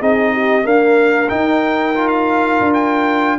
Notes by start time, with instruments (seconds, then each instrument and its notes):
0.00 tuba C4, trombone D#4, horn G#4, trumpet D#5
0.33 horn G4
0.62 trombone A#3, tuba D4, horn A#4, trumpet F5
1.29 trombone D#4, tuba D#4, trumpet G5
1.95 trombone F4
2.08 trumpet F5
2.60 tuba D4
2.74 trumpet G5